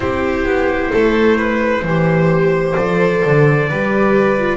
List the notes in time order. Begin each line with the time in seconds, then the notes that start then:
0.00 C4 E4 G4 C5
0.45 B3
0.91 A3 A4
1.37 B4
1.82 E3 G4
1.88 C5
2.75 F3 A4 D5
3.25 D3
3.69 G3 G4 B4
4.38 F4